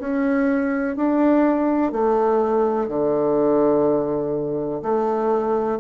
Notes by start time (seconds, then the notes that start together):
0.00 C#4
0.96 D4
1.93 A3
2.89 D3
4.83 A3